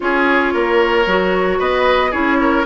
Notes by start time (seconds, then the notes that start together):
0.00 C#4 F4 G#4 C#5
0.53 A#3 A#4
1.06 F#3 F#4
1.58 B3 B4 D#5
2.10 C#4 E4 G#4 C#5
2.41 A#4